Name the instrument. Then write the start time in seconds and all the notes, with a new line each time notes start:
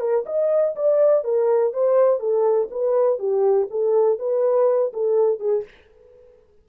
horn
0.00 A#4
0.26 D#5
0.76 D5
1.24 A#4
1.73 C5
2.20 A4
2.71 B4
3.19 G4
3.70 A4
4.19 B4
4.93 A4
5.40 G#4